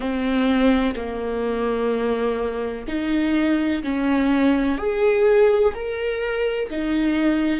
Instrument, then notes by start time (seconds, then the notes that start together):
viola
0.00 C4
0.95 A#3
2.87 D#4
3.83 C#4
4.78 G#4
5.74 A#4
6.70 D#4